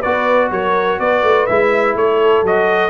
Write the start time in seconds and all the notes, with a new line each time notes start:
0.00 B3 F#4 B4 D5
0.51 F#3 A#4 C#5
0.99 B3 B4 D5
1.23 A3
1.46 G#3 E4 E5
1.95 A3 A4 C#5
2.43 F#3 F#4 D#5